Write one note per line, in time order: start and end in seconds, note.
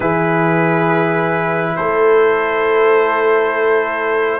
0.00 1.76 E3
0.00 4.40 E4
0.00 1.75 G#4
0.00 1.76 B4
1.76 4.40 A3
1.76 4.40 A4
1.76 4.40 C5